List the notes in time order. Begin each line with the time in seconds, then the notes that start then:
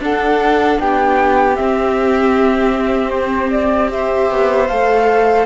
0.00 D4 A4 F#5
0.80 B3 G4 G5
1.56 C4 E5
3.10 C5
3.51 D5
3.89 G4 C5 E5
4.31 B3
4.68 A3 A4 F5